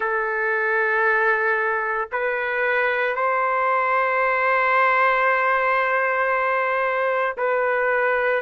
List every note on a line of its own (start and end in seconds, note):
0.00 2.09 A4
2.11 3.15 B4
3.15 7.36 C5
7.37 8.42 B4